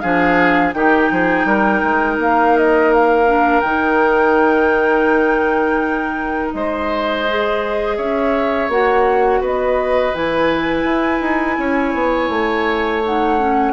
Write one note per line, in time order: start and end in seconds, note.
0.00 0.74 F3
0.00 0.74 D4
0.00 0.74 G#4
0.00 0.72 F5
0.73 1.10 D#3
0.73 3.26 D#4
0.73 1.12 G4
0.73 2.18 G5
1.11 1.45 F3
1.11 1.47 G#4
1.45 1.81 G3
1.45 6.53 A#4
1.83 2.18 G#3
2.18 3.62 A#3
2.18 2.57 F5
2.57 2.93 D#5
2.94 3.61 F5
3.26 3.62 D4
3.61 6.52 D#3
3.61 7.27 D#4
3.61 6.50 G5
6.53 7.98 G#3
6.53 7.97 C5
6.53 7.97 D#5
7.28 8.71 G#4
7.97 8.69 C#4
7.97 9.41 C#5
7.97 8.70 E5
8.69 9.41 A#3
8.69 10.14 F#4
8.69 9.43 F#5
9.41 10.13 B3
9.41 11.58 B4
9.41 10.15 D#5
10.14 10.84 E3
10.14 13.03 E4
10.14 13.04 G#5
10.84 11.20 E4
11.21 11.57 D#4
11.58 11.94 C#4
11.58 13.73 C#5
11.94 12.29 B3
12.29 13.73 A3
13.04 13.38 D#4
13.04 13.73 F#5
13.38 13.73 C#4